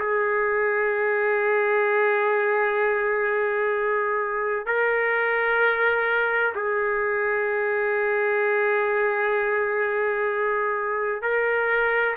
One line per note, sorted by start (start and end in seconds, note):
0.00 4.67 G#4
4.67 6.54 A#4
6.56 11.22 G#4
11.22 12.16 A#4